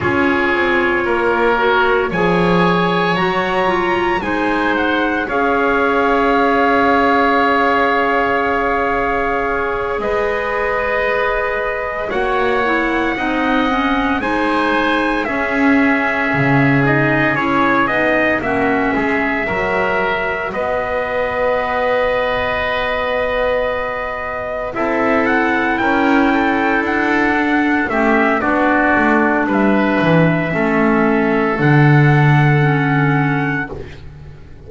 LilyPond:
<<
  \new Staff \with { instrumentName = "trumpet" } { \time 4/4 \tempo 4 = 57 cis''2 gis''4 ais''4 | gis''8 fis''8 f''2.~ | f''4. dis''2 fis''8~ | fis''4. gis''4 e''4. |
dis''8 cis''8 dis''8 e''2 dis''8~ | dis''2.~ dis''8 e''8 | fis''8 g''4 fis''4 e''8 d''4 | e''2 fis''2 | }
  \new Staff \with { instrumentName = "oboe" } { \time 4/4 gis'4 ais'4 cis''2 | c''4 cis''2.~ | cis''4. b'2 cis''8~ | cis''8 dis''4 c''4 gis'4.~ |
gis'4. fis'8 gis'8 ais'4 b'8~ | b'2.~ b'8 a'8~ | a'8 ais'8 a'4. g'8 fis'4 | b'4 a'2. | }
  \new Staff \with { instrumentName = "clarinet" } { \time 4/4 f'4. fis'8 gis'4 fis'8 f'8 | dis'4 gis'2.~ | gis'2.~ gis'8 fis'8 | e'8 dis'8 cis'8 dis'4 cis'4. |
dis'8 e'8 dis'8 cis'4 fis'4.~ | fis'2.~ fis'8 e'8~ | e'2 d'8 cis'8 d'4~ | d'4 cis'4 d'4 cis'4 | }
  \new Staff \with { instrumentName = "double bass" } { \time 4/4 cis'8 c'8 ais4 f4 fis4 | gis4 cis'2.~ | cis'4. gis2 ais8~ | ais8 c'4 gis4 cis'4 cis8~ |
cis8 cis'8 b8 ais8 gis8 fis4 b8~ | b2.~ b8 c'8~ | c'8 cis'4 d'4 a8 b8 a8 | g8 e8 a4 d2 | }
>>